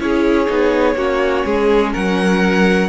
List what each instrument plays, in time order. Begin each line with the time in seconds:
0.00 cello C#4, viola E4, violin G#4 C#5
0.48 cello B3, viola D#4
0.96 cello A#3, viola C#4, violin F#4
1.46 cello G#3, violin G#4
1.93 cello F#3, violin A#4 F#5